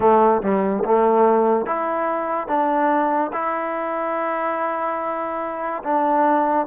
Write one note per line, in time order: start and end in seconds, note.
0.00 0.42 A3
0.42 0.83 G3
0.84 1.66 A3
1.66 2.47 E4
2.47 3.31 D4
3.32 5.82 E4
5.83 6.66 D4